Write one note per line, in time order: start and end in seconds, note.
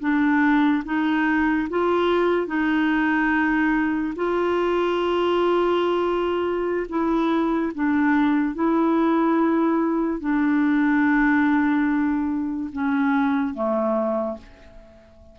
0.00 0.83 D4
0.85 1.69 D#4
1.70 2.47 F4
2.47 4.14 D#4
4.16 6.87 F4
6.89 7.72 E4
7.75 8.55 D4
8.55 10.20 E4
10.20 12.70 D4
12.73 13.54 C#4
13.54 14.37 A3